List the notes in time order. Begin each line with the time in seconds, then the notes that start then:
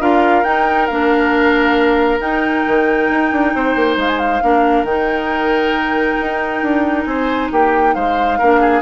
0.00 D4 F4 A#4 F5
0.44 D#4 G5
0.86 A#3 D4 F5
2.19 D#4 G5
2.67 D#3
3.10 D#4
3.32 D4
3.54 C4 C5
3.75 A#3
3.97 G#3 F5
4.08 G#5
4.18 F5
4.42 A#3 D4 A#4
4.83 D#3 D#4 G5
6.21 D#4
6.62 D4
7.04 C4 C5 G#5
7.52 A#3 G4 G5
7.94 G#3 C5 F5
8.38 A#3 D4 A#4
8.60 G#4